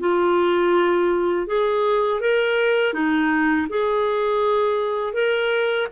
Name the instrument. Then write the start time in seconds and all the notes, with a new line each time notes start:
clarinet
0.00 F4
1.47 G#4
2.21 A#4
2.94 D#4
3.69 G#4
5.14 A#4